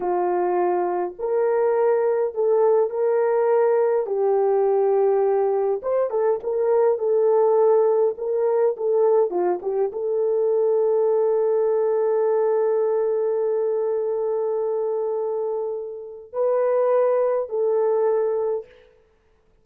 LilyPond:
\new Staff \with { instrumentName = "horn" } { \time 4/4 \tempo 4 = 103 f'2 ais'2 | a'4 ais'2 g'4~ | g'2 c''8 a'8 ais'4 | a'2 ais'4 a'4 |
f'8 g'8 a'2.~ | a'1~ | a'1 | b'2 a'2 | }